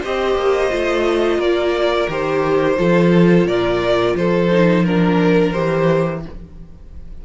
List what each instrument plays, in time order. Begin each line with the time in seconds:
0.00 cello C4, viola G4, violin C5 D#5
0.35 cello A#3
0.70 cello A3, viola F4
1.38 cello A#3, violin A#4 D5
2.08 cello D#3, viola G4, violin C5
2.77 cello F3, viola F4, violin A4
3.45 cello A#2, violin A#4 D5
4.15 cello F3, violin A4 C5
4.52 viola D#4
4.83 viola D4, violin A#4
5.51 cello E3, viola G4, violin C5